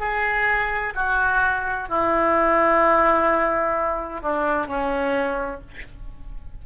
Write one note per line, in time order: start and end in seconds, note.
0.00 0.94 G#4
0.95 1.89 F#4
1.89 4.22 E4
4.22 4.67 D4
4.67 5.61 C#4